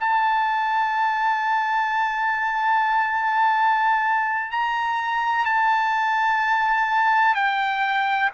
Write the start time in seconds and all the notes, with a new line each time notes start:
0.00 A5
4.51 A#5
5.45 A5
7.35 G5